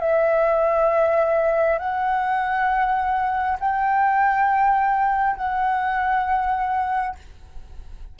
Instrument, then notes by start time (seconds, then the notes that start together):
flute
0.00 E5
1.79 F#5
3.60 G5
5.36 F#5